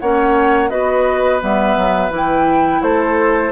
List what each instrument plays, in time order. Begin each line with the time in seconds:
0.00 bassoon A#3, clarinet C#4, oboe C#5, flute F#5
0.70 bassoon B3, clarinet F#4, oboe B4, flute D#5
1.41 bassoon G3, clarinet B3, flute E5
1.77 bassoon F#3
2.11 bassoon E3, clarinet E4
2.17 flute G5
2.82 bassoon A3, oboe A4, flute C5